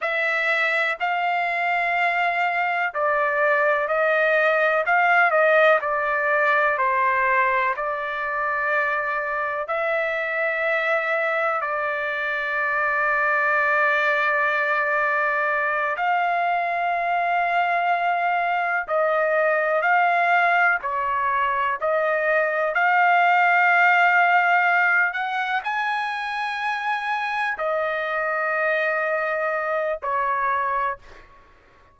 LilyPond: \new Staff \with { instrumentName = "trumpet" } { \time 4/4 \tempo 4 = 62 e''4 f''2 d''4 | dis''4 f''8 dis''8 d''4 c''4 | d''2 e''2 | d''1~ |
d''8 f''2. dis''8~ | dis''8 f''4 cis''4 dis''4 f''8~ | f''2 fis''8 gis''4.~ | gis''8 dis''2~ dis''8 cis''4 | }